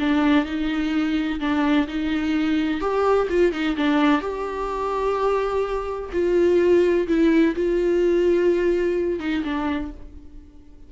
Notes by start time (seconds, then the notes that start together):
0.00 D4
0.46 D#4
1.40 D4
1.88 D#4
2.81 G4
3.30 F4
3.52 D#4
3.77 D4
4.21 G4
6.13 F4
7.08 E4
7.55 F4
9.20 D#4
9.44 D4